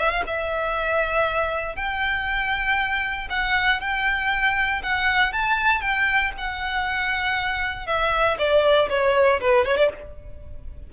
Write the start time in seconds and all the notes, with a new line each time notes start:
0.00 E5
0.11 F5
0.27 E5
1.76 G5
3.30 F#5
3.81 G5
4.83 F#5
5.33 A5
5.82 G5
6.38 F#5
7.87 E5
8.39 D5
8.90 C#5
9.41 B4
9.66 C#5
9.78 D5